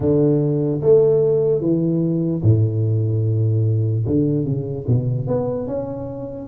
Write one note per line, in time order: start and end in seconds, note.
0.00 0.81 D3
0.81 1.60 A3
1.60 2.41 E3
2.42 4.04 A2
4.06 4.44 D3
4.44 4.85 C#3
4.87 5.27 B2
5.27 5.67 B3
5.67 6.48 C#4